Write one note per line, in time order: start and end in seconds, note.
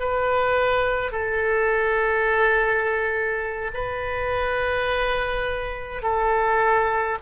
0.00 1.12 B4
1.12 3.71 A4
3.74 6.03 B4
6.03 7.18 A4